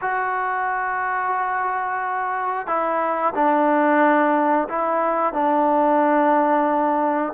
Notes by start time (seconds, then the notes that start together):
0.01 F#4
2.67 E4
3.34 D4
4.68 E4
5.33 D4